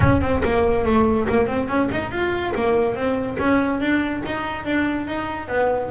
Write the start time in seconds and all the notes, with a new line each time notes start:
0.00 C#4
0.21 C4
0.44 A#3
0.85 A3
1.28 A#3
1.47 C4
1.68 C#4
1.91 D#4
2.11 F4
2.55 A#3
2.95 C4
3.38 C#4
3.80 D4
4.25 D#4
4.65 D4
5.07 D#4
5.48 B3